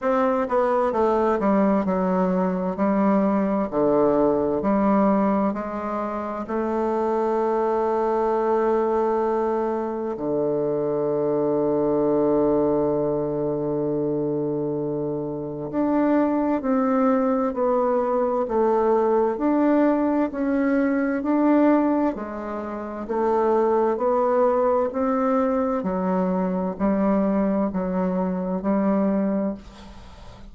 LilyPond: \new Staff \with { instrumentName = "bassoon" } { \time 4/4 \tempo 4 = 65 c'8 b8 a8 g8 fis4 g4 | d4 g4 gis4 a4~ | a2. d4~ | d1~ |
d4 d'4 c'4 b4 | a4 d'4 cis'4 d'4 | gis4 a4 b4 c'4 | fis4 g4 fis4 g4 | }